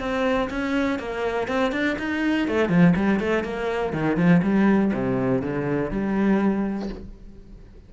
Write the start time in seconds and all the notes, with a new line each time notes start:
0.00 C4
0.50 C#4
0.99 A#3
1.48 C4
1.72 D4
1.99 D#4
2.48 A3
2.69 F3
2.96 G3
3.20 A3
3.44 A#3
3.93 D#3
4.17 F3
4.43 G3
4.94 C3
5.42 D3
5.91 G3